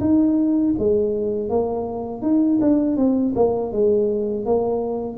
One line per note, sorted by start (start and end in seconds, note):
0.00 0.74 D#4
0.78 1.49 G#3
1.49 2.22 A#3
2.22 2.59 D#4
2.61 2.96 D4
2.96 3.33 C4
3.35 3.72 A#3
3.72 4.45 G#3
4.45 5.17 A#3